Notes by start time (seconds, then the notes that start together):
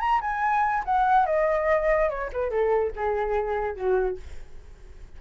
0.00 A#5
0.21 G#5
0.85 F#5
1.26 D#5
2.09 C#5
2.33 B4
2.50 A4
2.96 G#4
3.76 F#4